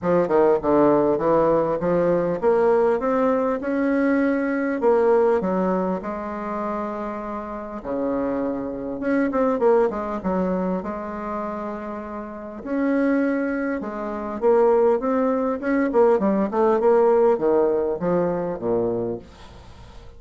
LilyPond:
\new Staff \with { instrumentName = "bassoon" } { \time 4/4 \tempo 4 = 100 f8 dis8 d4 e4 f4 | ais4 c'4 cis'2 | ais4 fis4 gis2~ | gis4 cis2 cis'8 c'8 |
ais8 gis8 fis4 gis2~ | gis4 cis'2 gis4 | ais4 c'4 cis'8 ais8 g8 a8 | ais4 dis4 f4 ais,4 | }